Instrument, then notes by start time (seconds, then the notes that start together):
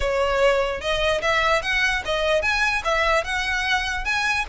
violin
0.00 C#5
0.80 D#5
1.21 E5
1.62 F#5
2.05 D#5
2.42 G#5
2.84 E5
3.24 F#5
4.04 G#5